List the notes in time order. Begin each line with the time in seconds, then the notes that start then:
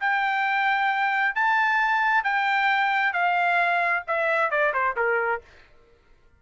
0.00 G5
1.35 A5
2.23 G5
3.13 F5
4.07 E5
4.50 D5
4.73 C5
4.96 A#4